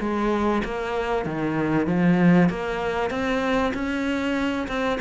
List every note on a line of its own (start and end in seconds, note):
0.00 0.62 G#3
0.65 1.26 A#3
1.26 1.87 D#3
1.87 2.50 F3
2.50 3.11 A#3
3.11 3.73 C4
3.74 4.68 C#4
4.68 4.99 C4